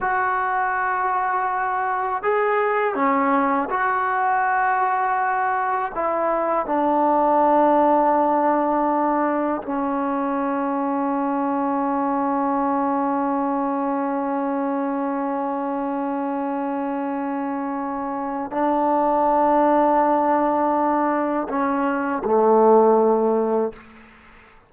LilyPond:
\new Staff \with { instrumentName = "trombone" } { \time 4/4 \tempo 4 = 81 fis'2. gis'4 | cis'4 fis'2. | e'4 d'2.~ | d'4 cis'2.~ |
cis'1~ | cis'1~ | cis'4 d'2.~ | d'4 cis'4 a2 | }